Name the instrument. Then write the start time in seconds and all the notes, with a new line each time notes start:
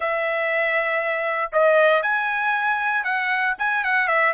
trumpet
0.00 E5
1.52 D#5
2.02 G#5
3.04 F#5
3.58 G#5
3.84 F#5
4.07 E5